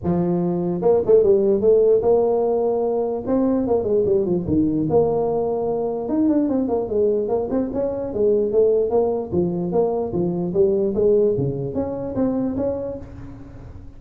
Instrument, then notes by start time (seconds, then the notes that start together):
tuba
0.03 F3
0.81 A#3
1.06 A3
1.23 G3
1.61 A3
2.02 A#3
3.26 C4
3.67 A#3
3.83 G#3
4.05 G3
4.25 F3
4.47 D#3
4.89 A#3
6.08 D#4
6.28 D4
6.48 C4
6.68 A#3
6.88 G#3
7.28 A#3
7.50 C4
7.73 C#4
8.13 G#3
8.52 A3
8.90 A#3
9.31 F3
9.72 A#3
10.12 F3
10.53 G3
10.94 G#3
11.37 C#3
11.74 C#4
12.15 C4
12.56 C#4